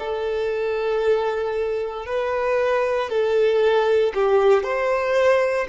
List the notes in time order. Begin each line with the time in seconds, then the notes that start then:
0.00 A4
2.06 B4
3.10 A4
4.15 G4
4.64 C5